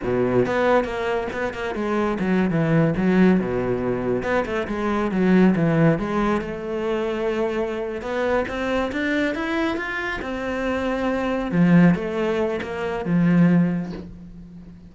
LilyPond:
\new Staff \with { instrumentName = "cello" } { \time 4/4 \tempo 4 = 138 b,4 b4 ais4 b8 ais8 | gis4 fis8. e4 fis4 b,16~ | b,4.~ b,16 b8 a8 gis4 fis16~ | fis8. e4 gis4 a4~ a16~ |
a2~ a8 b4 c'8~ | c'8 d'4 e'4 f'4 c'8~ | c'2~ c'8 f4 a8~ | a4 ais4 f2 | }